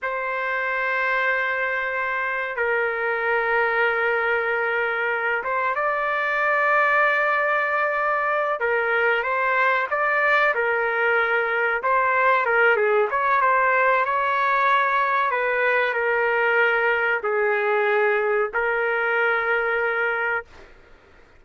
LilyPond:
\new Staff \with { instrumentName = "trumpet" } { \time 4/4 \tempo 4 = 94 c''1 | ais'1~ | ais'8 c''8 d''2.~ | d''4. ais'4 c''4 d''8~ |
d''8 ais'2 c''4 ais'8 | gis'8 cis''8 c''4 cis''2 | b'4 ais'2 gis'4~ | gis'4 ais'2. | }